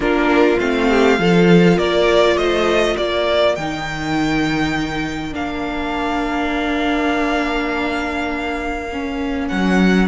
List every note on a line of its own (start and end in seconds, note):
0.00 0.56 A#3
0.00 0.57 D4
0.00 0.89 F4
0.00 0.59 A#4
0.59 1.18 A3
0.59 1.19 C4
0.59 1.78 F5
0.89 1.19 G4
1.18 1.78 F3
1.18 3.57 F4
1.18 1.76 A4
1.76 2.36 A#3
1.76 2.35 A#4
1.76 2.37 D5
2.36 2.95 A3
2.36 2.97 C5
2.36 2.96 D#5
2.97 3.57 A#3
2.97 10.08 A#4
2.97 3.55 D5
3.55 5.34 D#3
3.55 5.31 D#4
3.55 5.33 G5
5.31 9.50 A#3
5.31 8.87 D4
5.31 9.48 F5
8.92 10.08 C#4
9.48 10.08 F#3
9.48 10.07 F#5